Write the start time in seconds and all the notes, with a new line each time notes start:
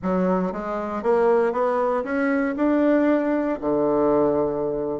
0.02 F#3
0.52 G#3
1.03 A#3
1.52 B3
2.03 C#4
2.56 D4
3.60 D3